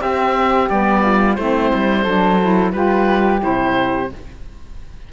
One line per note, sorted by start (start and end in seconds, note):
0.00 0.68 C4
0.00 0.69 C4
0.00 1.03 G4
0.00 0.69 E5
0.69 1.38 G3
0.69 1.37 B3
0.69 1.35 D5
1.03 1.37 F4
1.35 1.72 A3
1.35 2.06 C4
1.35 2.03 E4
1.35 2.72 C5
1.74 2.05 G3
2.03 2.73 F#3
2.03 2.40 D4
2.03 2.71 A4
2.41 2.73 E4
2.72 3.41 G3
2.72 3.39 F4
2.72 4.12 G4
2.72 3.40 B4
3.39 4.12 C3
3.39 4.07 E4
3.39 4.11 C5